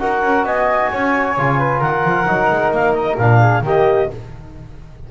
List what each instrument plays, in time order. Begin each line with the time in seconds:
0.00 double bass D#4, trombone F#4, flute A#4, clarinet F#5
0.23 double bass C#4
0.44 double bass B3, flute D#5, clarinet G#5
0.92 double bass C#4, flute C#5
1.38 double bass C#3, trombone F4
1.59 flute B4
1.80 double bass D#3, flute A#4, clarinet F#5
2.04 double bass F3
2.27 double bass F#3, trombone D#4
2.51 double bass G#3
2.72 double bass A#3, clarinet F5
2.93 clarinet D#5
3.18 double bass A#2, trombone D4, clarinet F5
3.40 flute G#4
3.62 double bass D#3, trombone A#3, flute G4, clarinet D#5